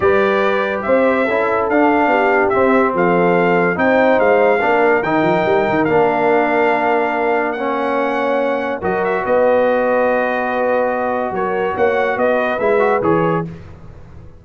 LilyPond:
<<
  \new Staff \with { instrumentName = "trumpet" } { \time 4/4 \tempo 4 = 143 d''2 e''2 | f''2 e''4 f''4~ | f''4 g''4 f''2 | g''2 f''2~ |
f''2 fis''2~ | fis''4 dis''8 e''8 dis''2~ | dis''2. cis''4 | fis''4 dis''4 e''4 cis''4 | }
  \new Staff \with { instrumentName = "horn" } { \time 4/4 b'2 c''4 a'4~ | a'4 g'2 a'4~ | a'4 c''2 ais'4~ | ais'1~ |
ais'2 cis''2~ | cis''4 ais'4 b'2~ | b'2. ais'4 | cis''4 b'2. | }
  \new Staff \with { instrumentName = "trombone" } { \time 4/4 g'2. e'4 | d'2 c'2~ | c'4 dis'2 d'4 | dis'2 d'2~ |
d'2 cis'2~ | cis'4 fis'2.~ | fis'1~ | fis'2 e'8 fis'8 gis'4 | }
  \new Staff \with { instrumentName = "tuba" } { \time 4/4 g2 c'4 cis'4 | d'4 b4 c'4 f4~ | f4 c'4 gis4 ais4 | dis8 f8 g8 dis8 ais2~ |
ais1~ | ais4 fis4 b2~ | b2. fis4 | ais4 b4 gis4 e4 | }
>>